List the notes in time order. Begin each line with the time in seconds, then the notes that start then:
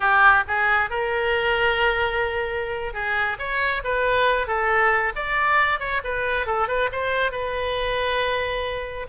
0.00 G4
0.47 G#4
0.89 A#4
2.93 G#4
3.38 C#5
3.84 B4
4.47 A4
5.15 D5
5.79 C#5
6.03 B4
6.46 A4
6.67 B4
6.92 C5
7.31 B4